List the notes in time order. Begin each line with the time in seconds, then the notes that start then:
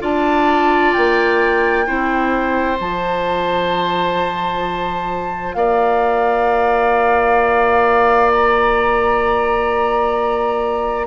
0.00 D4 F4 D5 A5
0.93 A#3 G5
1.86 C4 E4 C5
2.76 F3 F4 A5
5.54 A#3 D5 F5
8.31 A#5